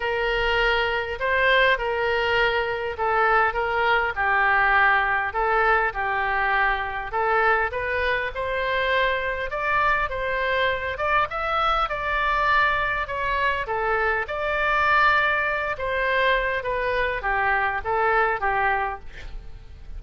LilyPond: \new Staff \with { instrumentName = "oboe" } { \time 4/4 \tempo 4 = 101 ais'2 c''4 ais'4~ | ais'4 a'4 ais'4 g'4~ | g'4 a'4 g'2 | a'4 b'4 c''2 |
d''4 c''4. d''8 e''4 | d''2 cis''4 a'4 | d''2~ d''8 c''4. | b'4 g'4 a'4 g'4 | }